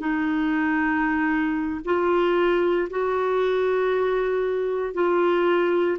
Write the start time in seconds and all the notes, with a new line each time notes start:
0.00 D#4
1.85 F4
2.90 F#4
4.94 F4